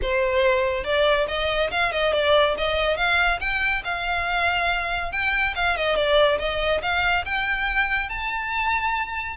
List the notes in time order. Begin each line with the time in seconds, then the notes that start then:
0.01 C5
0.84 D5
1.27 D#5
1.70 F5
1.92 D#5
2.13 D5
2.57 D#5
2.97 F5
3.40 G5
3.84 F5
5.12 G5
5.55 F5
5.77 D#5
5.96 D5
6.38 D#5
6.82 F5
7.25 G5
8.09 A5